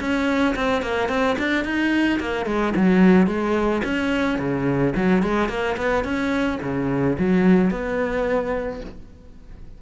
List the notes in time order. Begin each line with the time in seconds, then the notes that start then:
0.00 C#4
0.55 C4
0.82 A#3
1.09 C4
1.39 D4
1.64 D#4
2.19 A#3
2.46 G#3
2.76 F#3
3.27 G#3
3.84 C#4
4.39 C#3
4.95 F#3
5.22 G#3
5.49 A#3
5.77 B3
6.04 C#4
6.62 C#3
7.18 F#3
7.71 B3